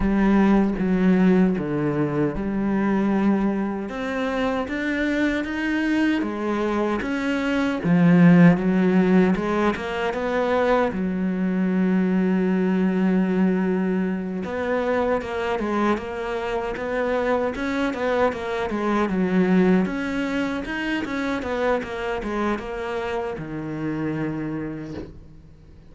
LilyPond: \new Staff \with { instrumentName = "cello" } { \time 4/4 \tempo 4 = 77 g4 fis4 d4 g4~ | g4 c'4 d'4 dis'4 | gis4 cis'4 f4 fis4 | gis8 ais8 b4 fis2~ |
fis2~ fis8 b4 ais8 | gis8 ais4 b4 cis'8 b8 ais8 | gis8 fis4 cis'4 dis'8 cis'8 b8 | ais8 gis8 ais4 dis2 | }